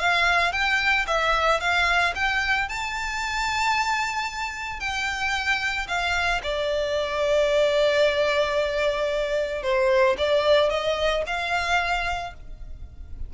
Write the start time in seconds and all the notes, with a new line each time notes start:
0.00 F5
0.53 G5
1.07 E5
1.61 F5
2.16 G5
2.69 A5
4.80 G5
5.88 F5
6.43 D5
9.63 C5
10.18 D5
10.70 D#5
11.27 F5